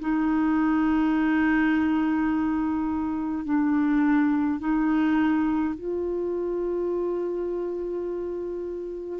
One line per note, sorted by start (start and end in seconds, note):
0.00 3.45 D#4
3.45 4.60 D4
4.60 5.75 D#4
5.75 9.20 F4